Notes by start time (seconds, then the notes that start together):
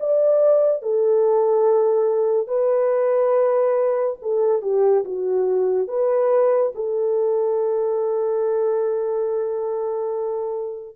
0.00 D5
0.83 A4
2.48 B4
4.22 A4
4.62 G4
5.05 F#4
5.88 B4
6.75 A4